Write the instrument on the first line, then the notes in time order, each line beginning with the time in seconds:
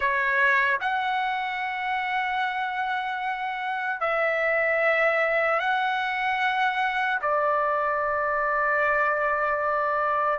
trumpet
0.00 C#5
0.80 F#5
4.00 E5
5.59 F#5
7.21 D5